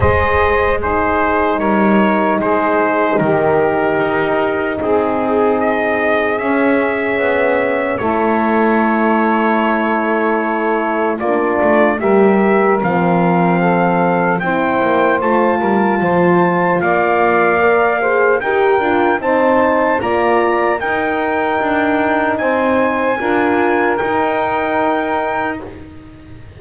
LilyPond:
<<
  \new Staff \with { instrumentName = "trumpet" } { \time 4/4 \tempo 4 = 75 dis''4 c''4 cis''4 c''4 | ais'2 gis'4 dis''4 | e''2 cis''2~ | cis''2 d''4 e''4 |
f''2 g''4 a''4~ | a''4 f''2 g''4 | a''4 ais''4 g''2 | gis''2 g''2 | }
  \new Staff \with { instrumentName = "saxophone" } { \time 4/4 c''4 gis'4 ais'4 gis'4 | g'2 gis'2~ | gis'2 a'2~ | a'2 f'4 ais'4~ |
ais'4 a'4 c''4. ais'8 | c''4 d''4. c''8 ais'4 | c''4 d''4 ais'2 | c''4 ais'2. | }
  \new Staff \with { instrumentName = "horn" } { \time 4/4 gis'4 dis'2.~ | dis'1 | cis'2 e'2~ | e'2 d'4 g'4 |
c'2 e'4 f'4~ | f'2 ais'8 gis'8 g'8 f'8 | dis'4 f'4 dis'2~ | dis'4 f'4 dis'2 | }
  \new Staff \with { instrumentName = "double bass" } { \time 4/4 gis2 g4 gis4 | dis4 dis'4 c'2 | cis'4 b4 a2~ | a2 ais8 a8 g4 |
f2 c'8 ais8 a8 g8 | f4 ais2 dis'8 d'8 | c'4 ais4 dis'4 d'4 | c'4 d'4 dis'2 | }
>>